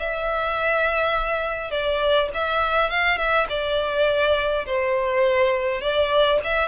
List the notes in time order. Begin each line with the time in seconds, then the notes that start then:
0.00 E5
1.71 D5
2.34 E5
2.90 F5
3.18 E5
3.49 D5
4.66 C5
5.81 D5
6.44 E5